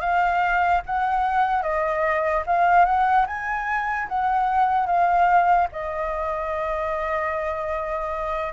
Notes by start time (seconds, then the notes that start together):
0.00 F5
0.86 F#5
1.62 D#5
2.46 F5
2.85 F#5
3.27 G#5
4.08 F#5
4.86 F5
5.72 D#5